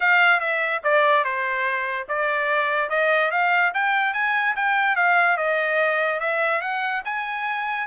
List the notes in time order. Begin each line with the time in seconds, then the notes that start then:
0.00 F5
0.40 E5
0.83 D5
1.24 C5
2.08 D5
2.89 D#5
3.31 F5
3.74 G5
4.13 G#5
4.56 G5
4.96 F5
5.37 D#5
6.20 E5
6.61 F#5
7.05 G#5